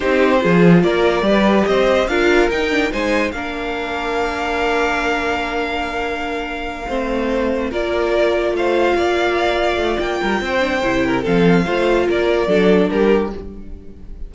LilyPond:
<<
  \new Staff \with { instrumentName = "violin" } { \time 4/4 \tempo 4 = 144 c''2 d''2 | dis''4 f''4 g''4 gis''4 | f''1~ | f''1~ |
f''2~ f''8 d''4.~ | d''8 f''2.~ f''8 | g''2. f''4~ | f''4 d''2 ais'4 | }
  \new Staff \with { instrumentName = "violin" } { \time 4/4 g'4 gis'4 ais'4 b'4 | c''4 ais'2 c''4 | ais'1~ | ais'1~ |
ais'8 c''2 ais'4.~ | ais'8 c''4 d''2~ d''8~ | d''8 ais'8 c''4. ais'8 a'4 | c''4 ais'4 a'4 g'4 | }
  \new Staff \with { instrumentName = "viola" } { \time 4/4 dis'4 f'2 g'4~ | g'4 f'4 dis'8 d'8 dis'4 | d'1~ | d'1~ |
d'8 c'2 f'4.~ | f'1~ | f'4. d'8 e'4 c'4 | f'2 d'2 | }
  \new Staff \with { instrumentName = "cello" } { \time 4/4 c'4 f4 ais4 g4 | c'4 d'4 dis'4 gis4 | ais1~ | ais1~ |
ais8 a2 ais4.~ | ais8 a4 ais2 a8 | ais8 g8 c'4 c4 f4 | a4 ais4 fis4 g4 | }
>>